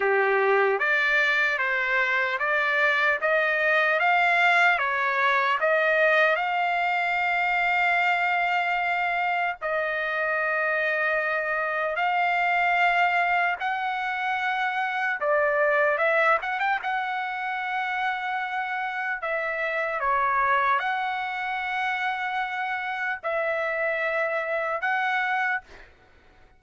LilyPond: \new Staff \with { instrumentName = "trumpet" } { \time 4/4 \tempo 4 = 75 g'4 d''4 c''4 d''4 | dis''4 f''4 cis''4 dis''4 | f''1 | dis''2. f''4~ |
f''4 fis''2 d''4 | e''8 fis''16 g''16 fis''2. | e''4 cis''4 fis''2~ | fis''4 e''2 fis''4 | }